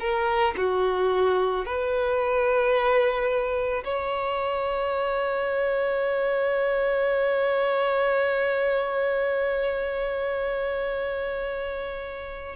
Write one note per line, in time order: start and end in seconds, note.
0.00 0.55 A#4
0.58 1.66 F#4
1.66 3.84 B4
3.85 12.56 C#5